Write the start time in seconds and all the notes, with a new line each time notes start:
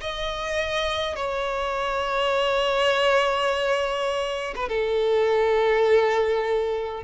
0.00 D#5
1.16 C#5
4.55 B4
4.68 A4